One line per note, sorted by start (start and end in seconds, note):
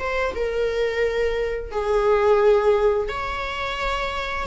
0.00 0.34 C5
0.35 1.72 A#4
1.72 3.09 G#4
3.09 4.47 C#5